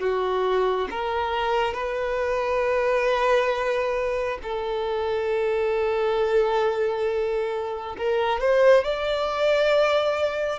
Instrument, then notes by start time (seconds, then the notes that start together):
violin
0.00 F#4
0.91 A#4
1.74 B4
4.43 A4
7.98 A#4
8.41 C5
8.84 D5